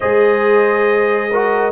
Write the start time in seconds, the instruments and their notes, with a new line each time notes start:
0.00 tuba G#3, trombone G#4, horn C5, trumpet D#5
1.30 trombone F#4, horn A#4